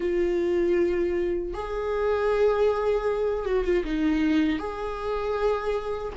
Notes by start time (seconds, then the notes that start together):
0.00 F4
1.53 G#4
3.45 F#4
3.64 F4
3.84 D#4
4.58 G#4